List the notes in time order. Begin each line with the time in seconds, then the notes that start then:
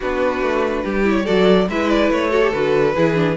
0.00 B3 D4 F#4 B4
0.41 A3
0.84 G3 G4
1.04 E4
1.10 C#5
1.24 F#3 F#4 A4 D5
1.68 G#3 E4 B4 E5
1.89 D5
2.10 A3 C#5
2.30 F#4 A4
2.42 G4
2.52 D3 F#4 B4
2.95 E3 E4 G#4
3.14 D4